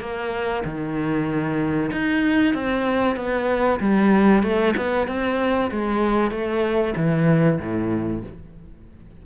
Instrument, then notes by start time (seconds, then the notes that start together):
cello
0.00 A#3
0.65 D#3
1.92 D#4
2.54 C4
3.16 B3
3.80 G3
4.43 A3
4.77 B3
5.08 C4
5.71 G#3
6.31 A3
6.96 E3
7.60 A2